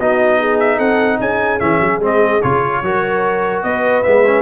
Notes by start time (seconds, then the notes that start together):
0.00 B3 D#4 F#4 D#5
0.39 G#4
0.60 E5
0.77 C4 A4 F#5
1.20 C#4 G#4 G#5
1.60 E3 C#4 E5
1.80 F#3
2.00 G#3 C4 D#5
2.42 C#3 F4 C#5
2.83 F#3 F#4 A#4
3.64 B3 B4 D#5
4.04 G#3 B3 E5
4.27 C#4